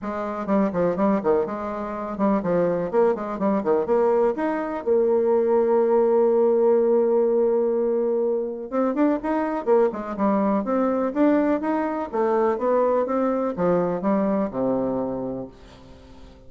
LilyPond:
\new Staff \with { instrumentName = "bassoon" } { \time 4/4 \tempo 4 = 124 gis4 g8 f8 g8 dis8 gis4~ | gis8 g8 f4 ais8 gis8 g8 dis8 | ais4 dis'4 ais2~ | ais1~ |
ais2 c'8 d'8 dis'4 | ais8 gis8 g4 c'4 d'4 | dis'4 a4 b4 c'4 | f4 g4 c2 | }